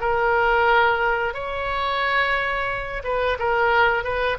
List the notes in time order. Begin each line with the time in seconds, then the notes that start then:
0.00 A#4
1.34 C#5
3.04 B4
3.39 A#4
4.04 B4